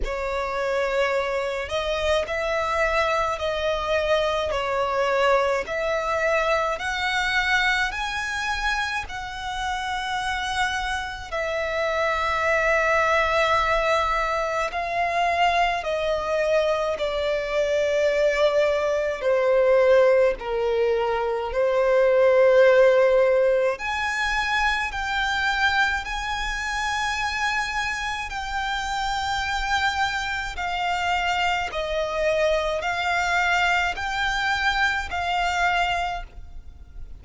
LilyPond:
\new Staff \with { instrumentName = "violin" } { \time 4/4 \tempo 4 = 53 cis''4. dis''8 e''4 dis''4 | cis''4 e''4 fis''4 gis''4 | fis''2 e''2~ | e''4 f''4 dis''4 d''4~ |
d''4 c''4 ais'4 c''4~ | c''4 gis''4 g''4 gis''4~ | gis''4 g''2 f''4 | dis''4 f''4 g''4 f''4 | }